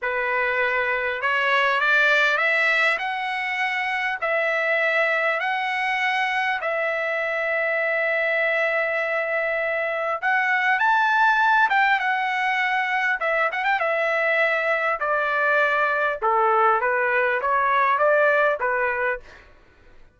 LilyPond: \new Staff \with { instrumentName = "trumpet" } { \time 4/4 \tempo 4 = 100 b'2 cis''4 d''4 | e''4 fis''2 e''4~ | e''4 fis''2 e''4~ | e''1~ |
e''4 fis''4 a''4. g''8 | fis''2 e''8 fis''16 g''16 e''4~ | e''4 d''2 a'4 | b'4 cis''4 d''4 b'4 | }